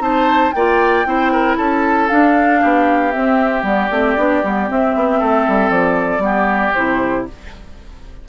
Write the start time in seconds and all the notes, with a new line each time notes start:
0.00 C4 D#4 C5 A5
0.52 A#3 F4 D5 G5
1.06 C4 E4 C5
1.32 A#4
1.57 C#4 A4 A5
2.09 D4 F5
2.61 B3 G4
3.12 C4 E5
3.63 G3 B3
3.69 D5
3.91 A3 C4
4.18 B3 D4
4.44 G3 B3
4.68 C4 E5
4.95 B3
5.19 A3 A4
5.48 G3
5.70 F3 D5
6.19 G3 B3
6.25 G4
6.74 C3 E4 C5